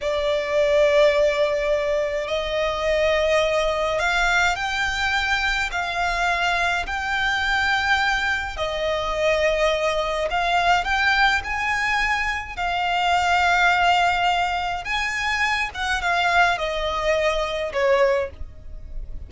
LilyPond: \new Staff \with { instrumentName = "violin" } { \time 4/4 \tempo 4 = 105 d''1 | dis''2. f''4 | g''2 f''2 | g''2. dis''4~ |
dis''2 f''4 g''4 | gis''2 f''2~ | f''2 gis''4. fis''8 | f''4 dis''2 cis''4 | }